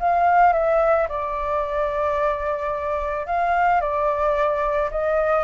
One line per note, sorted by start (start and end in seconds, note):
0.00 0.54 F5
0.54 1.08 E5
1.09 3.27 D5
3.27 3.81 F5
3.81 4.90 D5
4.91 5.45 D#5